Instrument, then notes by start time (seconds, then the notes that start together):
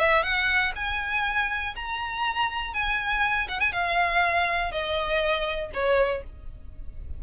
violin
0.00 E5
0.23 F#5
0.76 G#5
1.76 A#5
2.74 G#5
3.49 F#5
3.60 G#5
3.73 F5
4.72 D#5
5.74 C#5